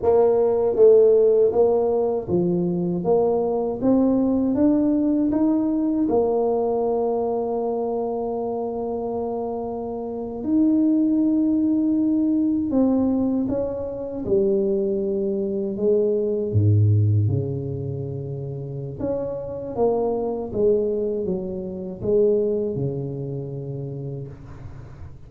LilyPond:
\new Staff \with { instrumentName = "tuba" } { \time 4/4 \tempo 4 = 79 ais4 a4 ais4 f4 | ais4 c'4 d'4 dis'4 | ais1~ | ais4.~ ais16 dis'2~ dis'16~ |
dis'8. c'4 cis'4 g4~ g16~ | g8. gis4 gis,4 cis4~ cis16~ | cis4 cis'4 ais4 gis4 | fis4 gis4 cis2 | }